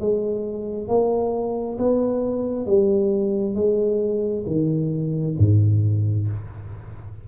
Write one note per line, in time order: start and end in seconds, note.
0.00 0.88 G#3
0.88 1.77 A#3
1.78 2.66 B3
2.66 3.55 G3
3.55 4.45 G#3
4.46 5.36 D#3
5.39 6.28 G#2